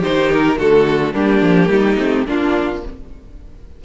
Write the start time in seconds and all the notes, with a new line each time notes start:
0.00 D#4 G4 C5
0.07 D#3
0.32 A#4
0.58 D3 A3 F#4 A4
1.14 G3 A#3 D4 G4
1.42 F3
1.70 G3 D#4
1.98 A3 C4
2.27 A#3 D4 F4